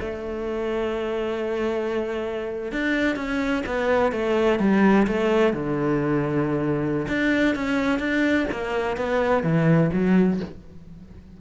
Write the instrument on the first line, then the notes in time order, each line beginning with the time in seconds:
cello
0.00 A3
2.72 D4
3.15 C#4
3.66 B3
4.12 A3
4.59 G3
5.07 A3
5.53 D3
7.08 D4
7.55 C#4
7.99 D4
8.51 A#3
8.96 B3
9.43 E3
9.92 F#3